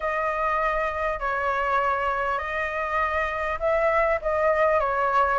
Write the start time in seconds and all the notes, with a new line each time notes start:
0.00 D#5
1.19 C#5
2.38 D#5
3.59 E5
4.21 D#5
4.79 C#5